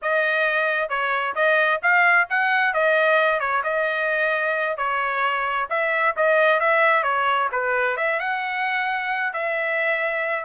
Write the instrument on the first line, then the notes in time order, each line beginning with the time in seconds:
trumpet
0.01 D#5
0.89 C#5
1.35 D#5
1.82 F5
2.29 F#5
2.73 D#5
3.39 C#5
3.63 D#5
4.77 C#5
5.69 E5
6.16 D#5
6.60 E5
7.03 C#5
7.52 B4
7.97 E5
8.19 F#5
9.33 E5